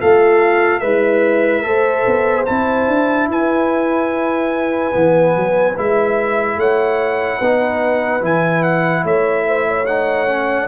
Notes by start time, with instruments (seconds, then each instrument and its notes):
0.00 tuba A3, horn F4, trombone A4, trumpet F5
0.80 tuba G#3, horn E4, trombone B4, trumpet E5
1.63 tuba A3, trombone A4, horn C5
2.07 tuba B3
2.45 tuba C4, trombone E4, trumpet A5
2.88 tuba D4
3.28 tuba E4, horn B4, trumpet G#5
4.92 tuba E3, trombone B3
5.36 tuba F#3
5.77 tuba G#3, trombone E4, trumpet E5
6.57 tuba A3, horn C#5, trumpet F#5
7.39 tuba B3, trombone D#4, horn B4
8.21 tuba E3, trombone E4, trumpet G#5
8.63 trumpet F#5
9.04 tuba A3, horn C#5, trumpet E5
9.46 horn C5
9.67 horn C#5
9.86 trombone D#4, trumpet F#5
10.27 trombone C#4